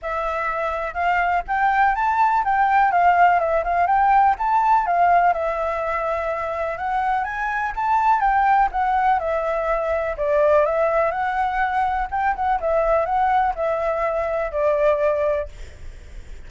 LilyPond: \new Staff \with { instrumentName = "flute" } { \time 4/4 \tempo 4 = 124 e''2 f''4 g''4 | a''4 g''4 f''4 e''8 f''8 | g''4 a''4 f''4 e''4~ | e''2 fis''4 gis''4 |
a''4 g''4 fis''4 e''4~ | e''4 d''4 e''4 fis''4~ | fis''4 g''8 fis''8 e''4 fis''4 | e''2 d''2 | }